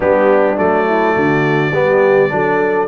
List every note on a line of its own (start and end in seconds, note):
0.00 0.58 G3
0.00 0.56 B3
0.00 0.86 D4
0.00 0.58 G4
0.56 1.16 F#3
0.56 1.71 A3
0.56 2.87 D5
0.86 1.14 E4
1.16 1.72 D3
1.16 1.73 F#4
1.72 2.29 G3
1.72 2.29 B3
1.72 2.31 G4
2.29 2.87 F#3
2.29 2.87 D4
2.29 2.87 A4